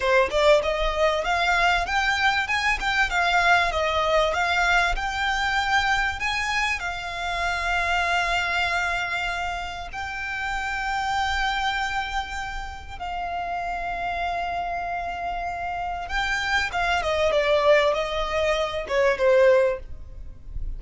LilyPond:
\new Staff \with { instrumentName = "violin" } { \time 4/4 \tempo 4 = 97 c''8 d''8 dis''4 f''4 g''4 | gis''8 g''8 f''4 dis''4 f''4 | g''2 gis''4 f''4~ | f''1 |
g''1~ | g''4 f''2.~ | f''2 g''4 f''8 dis''8 | d''4 dis''4. cis''8 c''4 | }